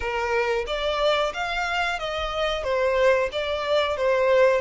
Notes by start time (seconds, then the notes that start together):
0.00 A#4
0.67 D5
1.33 F5
1.99 D#5
2.63 C5
3.31 D5
3.97 C5